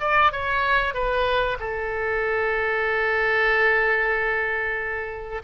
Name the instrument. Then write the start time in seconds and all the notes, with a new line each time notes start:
oboe
0.00 D5
0.32 C#5
0.94 B4
1.59 A4